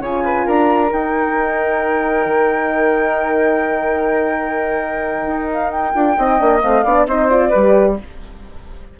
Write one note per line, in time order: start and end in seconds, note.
0.00 0.45 C#3
0.00 0.90 F4
0.00 0.23 C#5
0.00 0.47 G#5
0.24 0.45 B4
0.45 0.91 D4
0.45 6.16 A#4
0.45 0.92 A#5
0.92 2.25 D#4
0.92 5.94 D#4
0.92 5.51 G5
2.25 5.26 D#3
5.26 5.93 D#4
5.52 5.70 F5
5.70 6.60 G5
5.94 6.17 D4
5.94 6.16 F4
6.17 6.39 C4
6.17 6.38 D#4
6.17 6.84 D#5
6.38 6.62 A#3
6.38 6.60 D4
6.61 6.84 A3
6.61 6.83 C4
6.61 7.06 F5
6.84 7.06 B3
6.84 7.08 D4
6.84 7.06 D5
7.06 7.51 C4
7.06 7.30 D#4
7.06 7.49 C5
7.06 7.28 D#5
7.28 7.52 F4
7.28 7.95 D5
7.49 7.99 G3
7.49 7.97 G4
7.49 7.94 B4